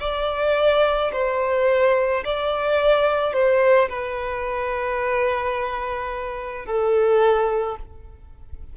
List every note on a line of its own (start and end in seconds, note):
0.00 1.11 D5
1.12 2.23 C5
2.24 3.33 D5
3.33 3.88 C5
3.89 6.66 B4
6.66 7.77 A4